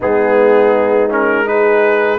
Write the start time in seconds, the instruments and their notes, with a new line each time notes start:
0.00 tuba G#3, trombone B3, horn D#4, trumpet G#4
1.09 trombone C#4, trumpet A#4
1.45 trombone D#4, horn G#4, trumpet B4